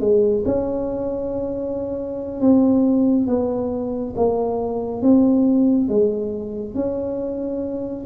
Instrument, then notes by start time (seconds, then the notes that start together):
tuba
0.00 G#3
0.45 C#4
2.40 C4
3.27 B3
4.16 A#3
5.02 C4
5.89 G#3
6.74 C#4